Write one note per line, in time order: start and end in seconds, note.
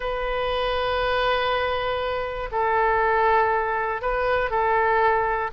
0.00 2.49 B4
2.51 4.01 A4
4.01 4.50 B4
4.50 5.50 A4